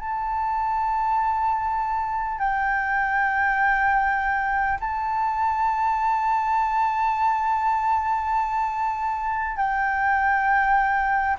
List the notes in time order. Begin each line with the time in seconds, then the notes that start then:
0.00 A5
2.39 G5
4.81 A5
9.57 G5